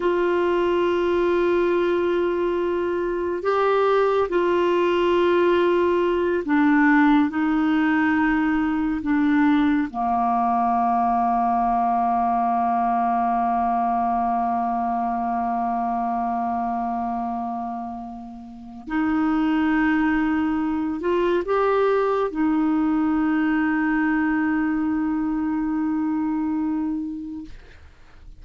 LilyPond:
\new Staff \with { instrumentName = "clarinet" } { \time 4/4 \tempo 4 = 70 f'1 | g'4 f'2~ f'8 d'8~ | d'8 dis'2 d'4 ais8~ | ais1~ |
ais1~ | ais2 dis'2~ | dis'8 f'8 g'4 dis'2~ | dis'1 | }